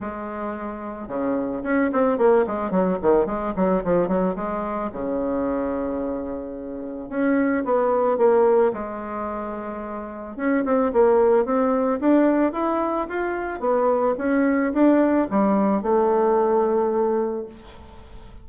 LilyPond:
\new Staff \with { instrumentName = "bassoon" } { \time 4/4 \tempo 4 = 110 gis2 cis4 cis'8 c'8 | ais8 gis8 fis8 dis8 gis8 fis8 f8 fis8 | gis4 cis2.~ | cis4 cis'4 b4 ais4 |
gis2. cis'8 c'8 | ais4 c'4 d'4 e'4 | f'4 b4 cis'4 d'4 | g4 a2. | }